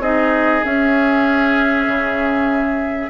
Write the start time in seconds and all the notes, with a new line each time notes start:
0.00 C4 D#4 G#4 D#5
0.64 C#4 E5
1.88 C#3